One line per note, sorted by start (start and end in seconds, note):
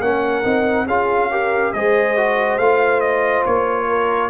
0.00 0.43 A#3
0.00 0.43 C#4
0.00 0.86 A#4
0.00 0.87 F#5
0.43 0.86 C4
0.43 0.86 D#4
0.86 1.72 C#4
0.86 1.31 F4
0.86 1.29 G#4
0.86 1.73 F5
1.31 1.74 G4
1.31 1.74 A#4
1.73 2.58 G#3
1.73 2.17 G#4
1.73 3.88 C5
1.73 2.58 D#5
2.17 2.60 F#4
2.58 3.44 A3
2.58 4.30 F4
2.58 3.00 F5
3.00 3.43 D#5
3.46 4.30 A#3
3.46 4.30 C#5
3.88 4.30 A#4